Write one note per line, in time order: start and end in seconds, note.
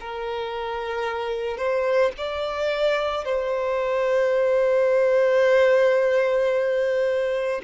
0.00 1.57 A#4
1.57 2.12 C5
2.17 3.25 D5
3.25 7.61 C5